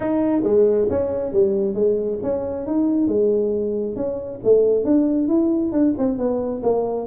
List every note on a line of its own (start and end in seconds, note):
0.00 0.42 D#4
0.43 0.87 G#3
0.89 1.32 C#4
1.32 1.74 G3
1.74 2.18 G#3
2.22 2.66 C#4
2.66 3.07 D#4
3.07 3.95 G#3
3.95 4.40 C#4
4.43 4.84 A3
4.84 5.28 D4
5.28 5.71 E4
5.71 5.93 D4
5.98 6.17 C4
6.17 6.62 B3
6.62 7.06 A#3